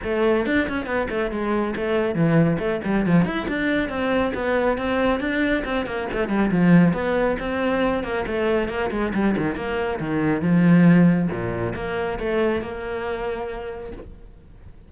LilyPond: \new Staff \with { instrumentName = "cello" } { \time 4/4 \tempo 4 = 138 a4 d'8 cis'8 b8 a8 gis4 | a4 e4 a8 g8 f8 e'8 | d'4 c'4 b4 c'4 | d'4 c'8 ais8 a8 g8 f4 |
b4 c'4. ais8 a4 | ais8 gis8 g8 dis8 ais4 dis4 | f2 ais,4 ais4 | a4 ais2. | }